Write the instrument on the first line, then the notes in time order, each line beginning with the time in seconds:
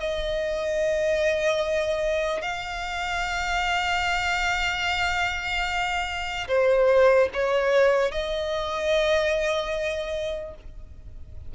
violin
0.00 D#5
2.42 F5
6.48 C5
7.33 C#5
8.12 D#5